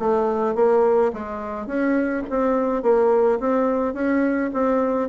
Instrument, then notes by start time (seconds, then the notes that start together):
bassoon
0.00 A3
0.56 A#3
1.13 G#3
1.67 C#4
2.30 C4
2.83 A#3
3.40 C4
3.94 C#4
4.54 C4